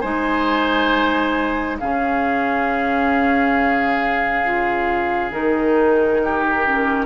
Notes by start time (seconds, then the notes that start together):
0.00 G#3 D#4 C5 G#5
1.79 C#3 C#4 G#4 F5
4.44 F4
5.31 D#3 D#4 A#4
6.24 G4
6.65 C#4